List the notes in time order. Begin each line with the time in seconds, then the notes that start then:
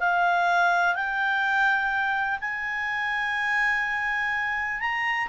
0.00 F5
0.95 G5
2.41 G#5
4.81 A#5